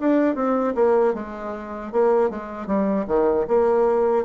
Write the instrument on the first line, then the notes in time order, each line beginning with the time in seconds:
bassoon
0.00 D4
0.35 C4
0.75 A#3
1.14 G#3
1.92 A#3
2.30 G#3
2.67 G3
3.07 D#3
3.47 A#3